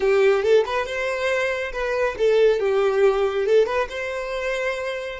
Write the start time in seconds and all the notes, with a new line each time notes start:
0.00 G4
0.42 A4
0.66 B4
0.85 C5
1.72 B4
2.18 A4
2.59 G4
3.45 A4
3.66 B4
3.89 C5